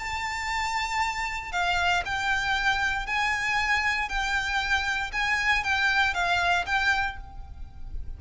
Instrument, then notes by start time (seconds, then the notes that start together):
violin
0.00 A5
1.52 F5
2.06 G5
3.07 G#5
4.09 G5
5.13 G#5
5.64 G5
6.15 F5
6.67 G5